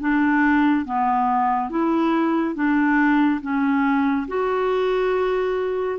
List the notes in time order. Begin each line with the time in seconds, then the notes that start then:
0.00 D4
0.86 B3
1.70 E4
2.55 D4
3.41 C#4
4.28 F#4